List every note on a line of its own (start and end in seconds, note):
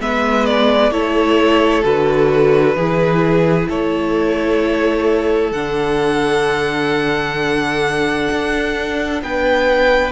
0.00 0.91 G#3
0.00 0.92 B3
0.00 0.93 B4
0.00 0.45 E5
0.45 0.91 D5
0.91 1.83 A3
0.91 1.83 E4
0.91 2.77 A4
0.91 1.84 C#5
1.83 2.75 D3
1.83 2.75 F#4
1.83 3.69 B4
2.75 3.67 E3
2.75 5.54 E4
2.75 3.69 G#4
3.69 5.52 A3
3.69 9.23 A4
3.69 5.52 C#5
5.52 8.28 D3
5.52 10.12 D4
5.52 9.21 F#5
8.31 9.21 D4
9.21 10.12 B3
9.21 10.12 B4
9.21 10.12 G5